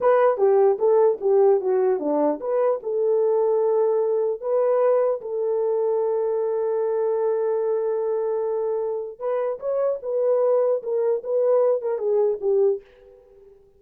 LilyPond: \new Staff \with { instrumentName = "horn" } { \time 4/4 \tempo 4 = 150 b'4 g'4 a'4 g'4 | fis'4 d'4 b'4 a'4~ | a'2. b'4~ | b'4 a'2.~ |
a'1~ | a'2. b'4 | cis''4 b'2 ais'4 | b'4. ais'8 gis'4 g'4 | }